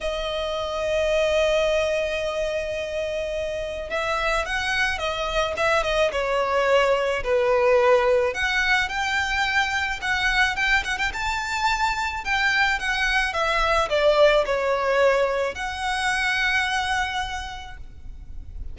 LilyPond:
\new Staff \with { instrumentName = "violin" } { \time 4/4 \tempo 4 = 108 dis''1~ | dis''2. e''4 | fis''4 dis''4 e''8 dis''8 cis''4~ | cis''4 b'2 fis''4 |
g''2 fis''4 g''8 fis''16 g''16 | a''2 g''4 fis''4 | e''4 d''4 cis''2 | fis''1 | }